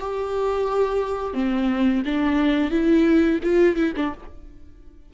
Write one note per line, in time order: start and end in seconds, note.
0.00 1.34 G4
1.34 2.03 C4
2.05 2.71 D4
2.71 3.39 E4
3.43 3.76 F4
3.76 3.93 E4
3.96 4.13 D4